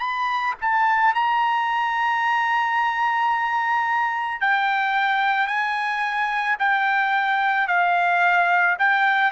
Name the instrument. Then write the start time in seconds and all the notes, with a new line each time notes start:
trumpet
0.00 B5
0.61 A5
1.15 A#5
4.41 G5
5.47 G#5
6.60 G5
7.68 F5
8.79 G5